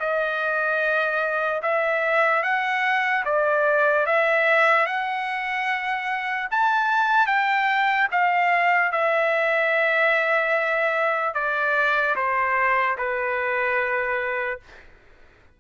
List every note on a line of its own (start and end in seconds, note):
0.00 1.62 D#5
1.62 2.43 E5
2.43 3.24 F#5
3.25 4.06 D5
4.07 4.86 E5
4.86 6.49 F#5
6.51 7.27 A5
7.27 8.08 G5
8.12 8.92 F5
8.92 11.34 E5
11.34 12.15 D5
12.16 12.97 C5
12.98 14.60 B4